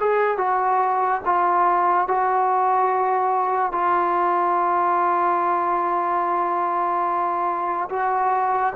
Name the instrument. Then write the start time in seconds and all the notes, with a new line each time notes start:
trombone
0.00 G#4
0.37 F#4
1.25 F4
2.08 F#4
3.72 F4
7.89 F#4